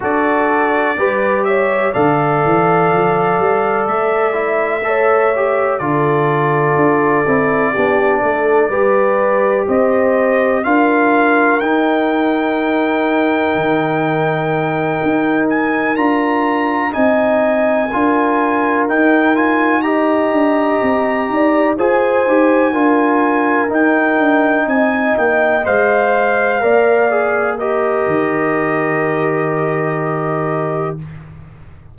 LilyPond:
<<
  \new Staff \with { instrumentName = "trumpet" } { \time 4/4 \tempo 4 = 62 d''4. e''8 f''2 | e''2 d''2~ | d''2 dis''4 f''4 | g''1 |
gis''8 ais''4 gis''2 g''8 | gis''8 ais''2 gis''4.~ | gis''8 g''4 gis''8 g''8 f''4.~ | f''8 dis''2.~ dis''8 | }
  \new Staff \with { instrumentName = "horn" } { \time 4/4 a'4 b'8 cis''8 d''2~ | d''4 cis''4 a'2 | g'8 a'8 b'4 c''4 ais'4~ | ais'1~ |
ais'4. dis''4 ais'4.~ | ais'8 dis''4. d''8 c''4 ais'8~ | ais'4. dis''2 d''8~ | d''8 ais'2.~ ais'8 | }
  \new Staff \with { instrumentName = "trombone" } { \time 4/4 fis'4 g'4 a'2~ | a'8 e'8 a'8 g'8 f'4. e'8 | d'4 g'2 f'4 | dis'1~ |
dis'8 f'4 dis'4 f'4 dis'8 | f'8 g'2 gis'8 g'8 f'8~ | f'8 dis'2 c''4 ais'8 | gis'8 g'2.~ g'8 | }
  \new Staff \with { instrumentName = "tuba" } { \time 4/4 d'4 g4 d8 e8 f8 g8 | a2 d4 d'8 c'8 | b8 a8 g4 c'4 d'4 | dis'2 dis4. dis'8~ |
dis'8 d'4 c'4 d'4 dis'8~ | dis'4 d'8 c'8 dis'8 f'8 dis'8 d'8~ | d'8 dis'8 d'8 c'8 ais8 gis4 ais8~ | ais4 dis2. | }
>>